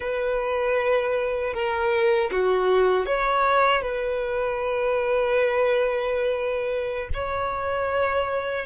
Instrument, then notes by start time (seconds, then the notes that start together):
violin
0.00 B4
1.53 A#4
2.31 F#4
3.06 C#5
3.81 B4
7.13 C#5